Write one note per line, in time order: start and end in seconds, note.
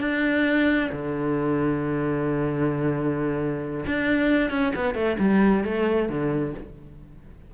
0.00 0.90 D4
0.92 3.85 D3
3.86 4.50 D4
4.50 4.73 C#4
4.76 4.95 B3
4.95 5.17 A3
5.19 5.64 G3
5.64 6.09 A3
6.09 6.54 D3